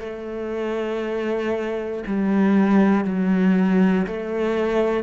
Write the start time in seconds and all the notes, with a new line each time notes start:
0.00 A3
2.07 G3
3.05 F#3
4.06 A3